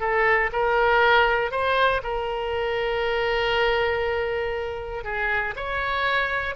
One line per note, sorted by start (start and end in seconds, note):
0.00 0.50 A4
0.52 1.51 A#4
1.51 2.02 C5
2.03 5.04 A#4
5.04 5.54 G#4
5.56 6.55 C#5